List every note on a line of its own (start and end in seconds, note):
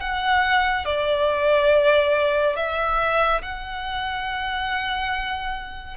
0.00 0.85 F#5
0.85 2.56 D5
2.56 3.41 E5
3.42 5.96 F#5